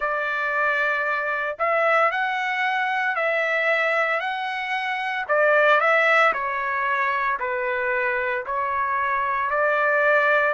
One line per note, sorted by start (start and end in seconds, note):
0.00 1.56 D5
1.58 2.11 E5
2.11 3.15 F#5
3.15 4.20 E5
4.20 5.25 F#5
5.28 5.80 D5
5.80 6.33 E5
6.33 7.38 C#5
7.39 8.44 B4
8.45 9.50 C#5
9.50 10.53 D5